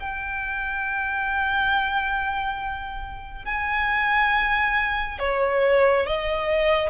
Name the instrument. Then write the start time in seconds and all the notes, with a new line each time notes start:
violin
0.00 G5
3.45 G#5
5.19 C#5
6.06 D#5